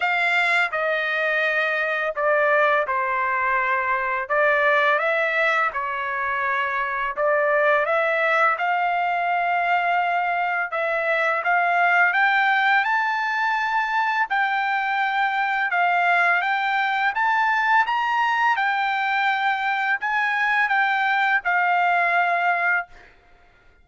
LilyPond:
\new Staff \with { instrumentName = "trumpet" } { \time 4/4 \tempo 4 = 84 f''4 dis''2 d''4 | c''2 d''4 e''4 | cis''2 d''4 e''4 | f''2. e''4 |
f''4 g''4 a''2 | g''2 f''4 g''4 | a''4 ais''4 g''2 | gis''4 g''4 f''2 | }